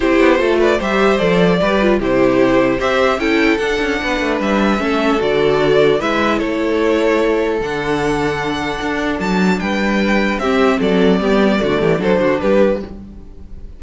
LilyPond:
<<
  \new Staff \with { instrumentName = "violin" } { \time 4/4 \tempo 4 = 150 c''4. d''8 e''4 d''4~ | d''4 c''2 e''4 | g''4 fis''2 e''4~ | e''4 d''2 e''4 |
cis''2. fis''4~ | fis''2. a''4 | g''2 e''4 d''4~ | d''2 c''4 b'4 | }
  \new Staff \with { instrumentName = "violin" } { \time 4/4 g'4 a'8 b'8 c''2 | b'4 g'2 c''4 | a'2 b'2 | a'2. b'4 |
a'1~ | a'1 | b'2 g'4 a'4 | g'4 fis'8 g'8 a'8 fis'8 g'4 | }
  \new Staff \with { instrumentName = "viola" } { \time 4/4 e'4 f'4 g'4 a'4 | g'8 f'8 e'2 g'4 | e'4 d'2. | cis'4 fis'2 e'4~ |
e'2. d'4~ | d'1~ | d'2 c'2 | b4 a4 d'2 | }
  \new Staff \with { instrumentName = "cello" } { \time 4/4 c'8 b8 a4 g4 f4 | g4 c2 c'4 | cis'4 d'8 cis'8 b8 a8 g4 | a4 d2 gis4 |
a2. d4~ | d2 d'4 fis4 | g2 c'4 fis4 | g4 d8 e8 fis8 d8 g4 | }
>>